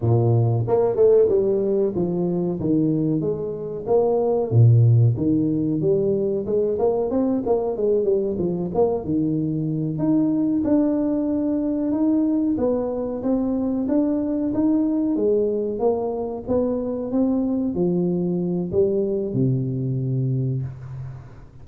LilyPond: \new Staff \with { instrumentName = "tuba" } { \time 4/4 \tempo 4 = 93 ais,4 ais8 a8 g4 f4 | dis4 gis4 ais4 ais,4 | dis4 g4 gis8 ais8 c'8 ais8 | gis8 g8 f8 ais8 dis4. dis'8~ |
dis'8 d'2 dis'4 b8~ | b8 c'4 d'4 dis'4 gis8~ | gis8 ais4 b4 c'4 f8~ | f4 g4 c2 | }